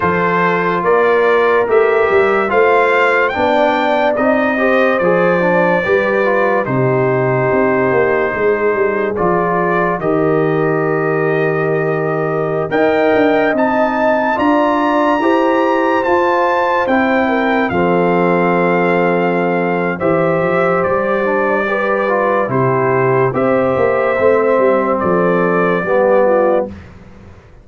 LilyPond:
<<
  \new Staff \with { instrumentName = "trumpet" } { \time 4/4 \tempo 4 = 72 c''4 d''4 e''4 f''4 | g''4 dis''4 d''2 | c''2. d''4 | dis''2.~ dis''16 g''8.~ |
g''16 a''4 ais''2 a''8.~ | a''16 g''4 f''2~ f''8. | e''4 d''2 c''4 | e''2 d''2 | }
  \new Staff \with { instrumentName = "horn" } { \time 4/4 a'4 ais'2 c''4 | d''4. c''4. b'4 | g'2 gis'2 | ais'2.~ ais'16 dis''8.~ |
dis''4~ dis''16 d''4 c''4.~ c''16~ | c''8. ais'8 a'2~ a'8. | c''2 b'4 g'4 | c''2 a'4 g'8 f'8 | }
  \new Staff \with { instrumentName = "trombone" } { \time 4/4 f'2 g'4 f'4 | d'4 dis'8 g'8 gis'8 d'8 g'8 f'8 | dis'2. f'4 | g'2.~ g'16 ais'8.~ |
ais'16 dis'4 f'4 g'4 f'8.~ | f'16 e'4 c'2~ c'8. | g'4. d'8 g'8 f'8 e'4 | g'4 c'2 b4 | }
  \new Staff \with { instrumentName = "tuba" } { \time 4/4 f4 ais4 a8 g8 a4 | b4 c'4 f4 g4 | c4 c'8 ais8 gis8 g8 f4 | dis2.~ dis16 dis'8 d'16~ |
d'16 c'4 d'4 e'4 f'8.~ | f'16 c'4 f2~ f8. | e8 f8 g2 c4 | c'8 ais8 a8 g8 f4 g4 | }
>>